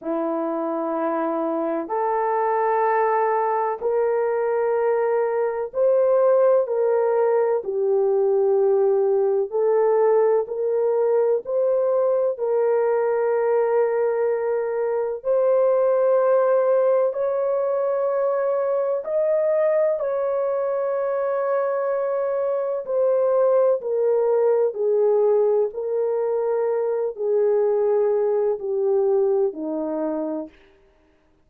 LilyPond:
\new Staff \with { instrumentName = "horn" } { \time 4/4 \tempo 4 = 63 e'2 a'2 | ais'2 c''4 ais'4 | g'2 a'4 ais'4 | c''4 ais'2. |
c''2 cis''2 | dis''4 cis''2. | c''4 ais'4 gis'4 ais'4~ | ais'8 gis'4. g'4 dis'4 | }